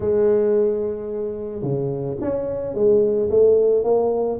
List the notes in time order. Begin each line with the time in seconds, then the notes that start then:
0.00 G#3
1.62 C#3
2.20 C#4
2.74 G#3
3.30 A3
3.84 A#3